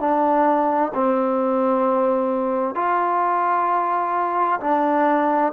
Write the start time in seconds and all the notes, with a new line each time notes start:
0.00 D4
0.94 C4
2.75 F4
4.61 D4